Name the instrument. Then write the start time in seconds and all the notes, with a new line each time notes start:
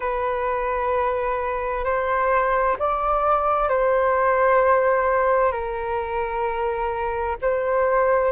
flute
0.00 B4
1.84 C5
2.79 D5
3.68 C5
5.51 A#4
7.41 C5